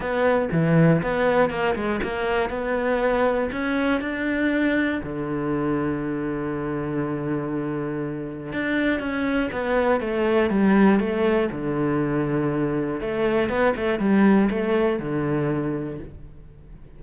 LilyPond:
\new Staff \with { instrumentName = "cello" } { \time 4/4 \tempo 4 = 120 b4 e4 b4 ais8 gis8 | ais4 b2 cis'4 | d'2 d2~ | d1~ |
d4 d'4 cis'4 b4 | a4 g4 a4 d4~ | d2 a4 b8 a8 | g4 a4 d2 | }